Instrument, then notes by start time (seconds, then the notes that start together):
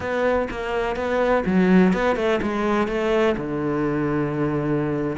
cello
0.00 B3
0.50 A#3
0.96 B3
1.46 F#3
1.93 B3
2.16 A3
2.42 G#3
2.87 A3
3.37 D3